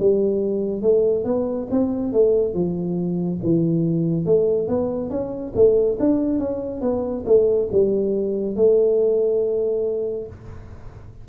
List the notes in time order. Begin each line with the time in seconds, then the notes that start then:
0.00 G3
0.82 A3
1.25 B3
1.71 C4
2.13 A3
2.54 F3
3.44 E3
4.25 A3
4.68 B3
5.10 C#4
5.56 A3
6.00 D4
6.40 C#4
6.81 B3
7.26 A3
7.72 G3
8.56 A3